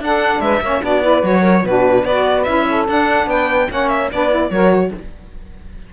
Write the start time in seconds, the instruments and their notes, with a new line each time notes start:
0.00 cello D4, saxophone D4 A4, violin F#5
0.39 cello G#3, saxophone B4, violin E5
0.60 cello A#3, saxophone C#4 C#5
0.82 cello B3, saxophone D4 F#4, violin D5
1.02 saxophone E4 B4
1.22 cello F#3, saxophone F#4, violin C#5
1.41 saxophone A#4
1.63 cello B2, saxophone D4 F#4, violin B4
2.03 cello B3, saxophone F#4 B4, violin D5
2.43 cello C#4, saxophone E4, violin E5
2.68 saxophone A4
2.87 saxophone D4, cello D4, violin F#5
3.26 cello B3, saxophone B4, violin G5
3.69 cello A#3, saxophone C#4 C#5, violin F#5
3.88 violin E5
4.11 cello B3, saxophone D4 B4, violin D5
4.30 saxophone E4
4.49 cello F#3, saxophone F#4 A#4, violin C#5